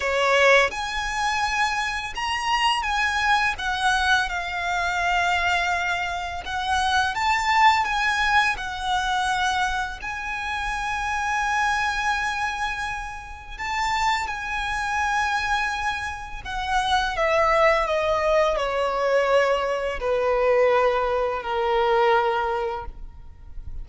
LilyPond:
\new Staff \with { instrumentName = "violin" } { \time 4/4 \tempo 4 = 84 cis''4 gis''2 ais''4 | gis''4 fis''4 f''2~ | f''4 fis''4 a''4 gis''4 | fis''2 gis''2~ |
gis''2. a''4 | gis''2. fis''4 | e''4 dis''4 cis''2 | b'2 ais'2 | }